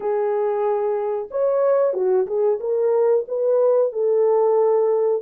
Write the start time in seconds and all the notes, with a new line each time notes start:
0.00 G#4
1.30 C#5
1.93 F#4
2.26 G#4
2.60 A#4
3.28 B4
3.92 A4